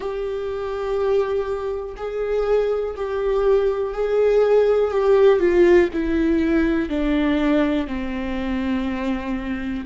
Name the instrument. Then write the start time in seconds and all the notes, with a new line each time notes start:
viola
0.00 G4
1.96 G#4
2.96 G4
3.93 G#4
4.91 G4
5.39 F4
5.93 E4
6.89 D4
7.87 C4